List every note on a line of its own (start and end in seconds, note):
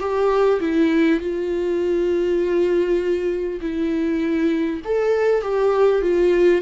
0.00 0.60 G4
0.61 1.21 E4
1.21 3.61 F4
3.62 4.82 E4
4.85 5.42 A4
5.42 6.02 G4
6.02 6.62 F4